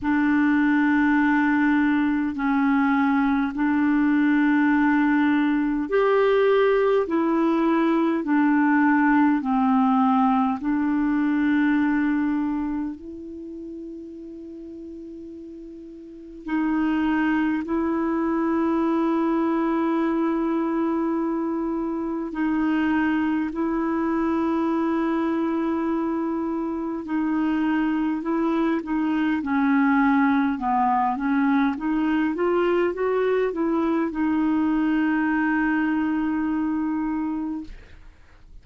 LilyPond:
\new Staff \with { instrumentName = "clarinet" } { \time 4/4 \tempo 4 = 51 d'2 cis'4 d'4~ | d'4 g'4 e'4 d'4 | c'4 d'2 e'4~ | e'2 dis'4 e'4~ |
e'2. dis'4 | e'2. dis'4 | e'8 dis'8 cis'4 b8 cis'8 dis'8 f'8 | fis'8 e'8 dis'2. | }